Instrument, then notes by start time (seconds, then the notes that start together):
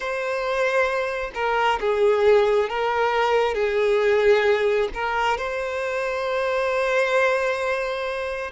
violin
0.00 C5
1.34 A#4
1.80 G#4
2.69 A#4
3.54 G#4
4.93 A#4
5.37 C5